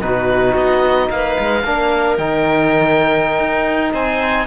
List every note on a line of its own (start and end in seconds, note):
0.00 0.54 B2
0.00 1.62 D#4
0.00 1.11 F#4
0.00 0.55 B4
0.54 1.08 B3
0.54 1.10 D#5
1.10 1.37 A#3
1.10 1.64 B4
1.10 2.17 F5
1.38 1.64 G#3
1.64 2.17 A#3
1.64 2.18 D4
1.64 3.93 A#4
2.17 3.39 D#3
2.17 4.46 D#4
2.17 3.93 G5
3.39 3.93 D#4
3.93 4.46 C4
3.93 4.46 C5
3.93 4.46 G#5